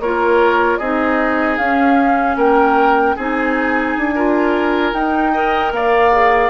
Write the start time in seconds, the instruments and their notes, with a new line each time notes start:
0.00 bassoon A#3, clarinet F4, oboe A#4, flute C#5
0.78 bassoon C4, clarinet D#4, oboe G#4, flute D#5
1.58 bassoon C#4, clarinet C#4, flute F5
2.37 bassoon A#3, oboe A#4, flute G5
3.16 bassoon C4, clarinet D#4, oboe G#4, flute G#5
3.97 bassoon D4
4.15 clarinet F4, oboe A#4
4.93 bassoon D#4, clarinet D#4, flute G5
5.33 clarinet A#4, oboe D#5
5.71 bassoon A#3, oboe D5, flute F5
6.12 clarinet G#4